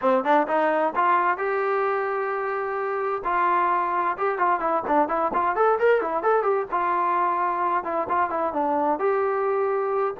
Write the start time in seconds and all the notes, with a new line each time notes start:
0.01 C4
0.23 D4
0.47 D#4
0.95 F4
1.37 G4
3.24 F4
4.17 G4
4.38 F4
4.59 E4
4.87 D4
5.08 E4
5.33 F4
5.55 A4
5.79 A#4
6.01 E4
6.23 A4
6.43 G4
6.71 F4
7.84 E4
8.08 F4
8.30 E4
8.53 D4
8.99 G4